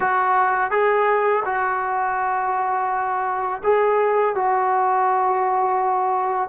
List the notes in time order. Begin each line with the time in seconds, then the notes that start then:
0.00 F#4
0.70 G#4
1.45 F#4
3.63 G#4
4.35 F#4